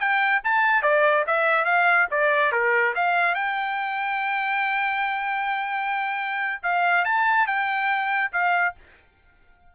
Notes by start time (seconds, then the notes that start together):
0.00 G5
0.44 A5
0.83 D5
1.27 E5
1.65 F5
2.11 D5
2.52 A#4
2.96 F5
3.35 G5
6.64 F5
7.05 A5
7.47 G5
8.33 F5